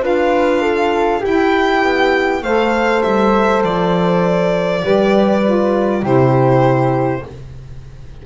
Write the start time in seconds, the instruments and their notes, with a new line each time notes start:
0.00 double bass D4, saxophone F4, flute B4, violin F5
0.61 flute A4
1.20 saxophone E4, double bass E4, flute G4, violin G5
1.83 double bass B3
2.42 double bass A3, saxophone A4, flute C5, violin F5
3.02 double bass G3, violin E5
3.63 double bass F3, violin D5
4.81 double bass G3, saxophone G4, flute B4
5.45 saxophone F4
6.02 double bass C3, saxophone E4, flute G4, violin C5